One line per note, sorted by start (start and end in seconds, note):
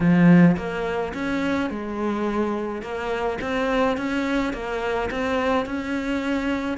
0.00 0.56 F3
0.56 1.13 A#3
1.14 1.70 C#4
1.70 2.81 G#3
2.81 3.38 A#3
3.41 3.97 C4
3.97 4.53 C#4
4.53 5.09 A#3
5.10 5.65 C4
5.65 6.77 C#4